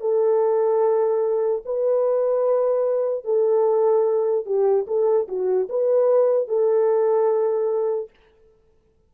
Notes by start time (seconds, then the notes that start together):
0.00 A4
1.65 B4
3.24 A4
4.45 G4
4.87 A4
5.28 F#4
5.69 B4
6.48 A4